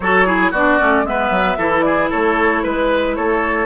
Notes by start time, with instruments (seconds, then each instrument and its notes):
0.00 bassoon F#3, clarinet F#4, oboe A4, flute C#5
0.26 clarinet E4, oboe G#4
0.51 bassoon B3, clarinet D4, oboe F#4, flute D5
0.79 bassoon A3, clarinet C#4
1.03 bassoon G#3, clarinet B3, oboe B4, flute E5
1.30 bassoon F#3
1.57 bassoon E3, clarinet E4, oboe A4
1.81 oboe G#4, flute D5
2.10 bassoon A3, oboe A4, flute C#5
2.63 bassoon G#3, oboe B4, flute B4
3.15 bassoon A3, oboe A4, flute C#5